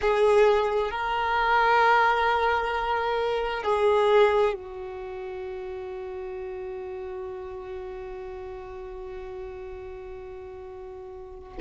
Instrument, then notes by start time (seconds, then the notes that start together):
violin
0.01 G#4
0.90 A#4
3.63 G#4
4.54 F#4